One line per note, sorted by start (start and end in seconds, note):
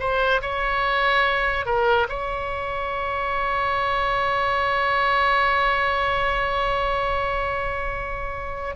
0.00 0.42 C5
0.42 1.66 C#5
1.66 2.08 A#4
2.09 8.76 C#5